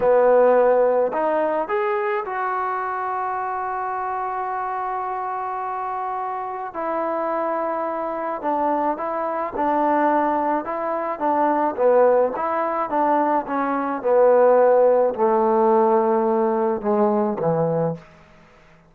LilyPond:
\new Staff \with { instrumentName = "trombone" } { \time 4/4 \tempo 4 = 107 b2 dis'4 gis'4 | fis'1~ | fis'1 | e'2. d'4 |
e'4 d'2 e'4 | d'4 b4 e'4 d'4 | cis'4 b2 a4~ | a2 gis4 e4 | }